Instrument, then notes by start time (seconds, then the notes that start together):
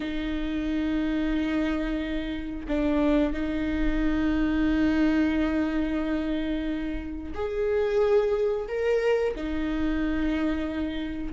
viola
0.00 D#4
2.68 D4
3.33 D#4
7.34 G#4
8.68 A#4
9.35 D#4